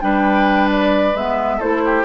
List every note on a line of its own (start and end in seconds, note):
0.00 1.14 G3
0.00 1.14 D4
0.00 1.58 B4
0.00 0.69 G5
0.72 1.16 D5
1.14 1.60 G#3
1.14 1.61 B3
1.14 1.61 E5
1.58 2.05 A3
1.58 2.05 E4
1.58 1.81 A4
1.58 2.05 C5
1.85 2.05 G4